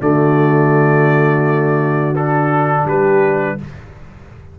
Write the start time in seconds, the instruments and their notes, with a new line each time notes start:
0.00 tuba D3, trombone A3, horn F#4, trumpet D5
2.15 trombone D4, trumpet A4
2.85 tuba G3, horn G4, trumpet B4